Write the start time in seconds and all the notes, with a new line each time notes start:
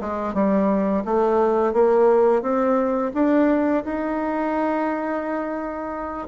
0.00 G#3
0.34 G3
1.05 A3
1.73 A#3
2.42 C4
3.14 D4
3.84 D#4